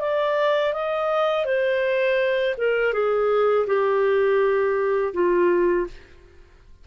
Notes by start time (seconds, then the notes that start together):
0.00 D5
0.74 D#5
1.45 C5
2.58 A#4
2.93 G#4
3.67 G4
5.14 F4